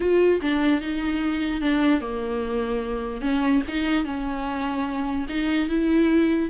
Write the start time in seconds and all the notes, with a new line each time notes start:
0.00 F4
0.41 D4
0.81 D#4
1.61 D4
2.00 A#3
3.21 C#4
3.68 D#4
4.04 C#4
5.28 D#4
5.68 E4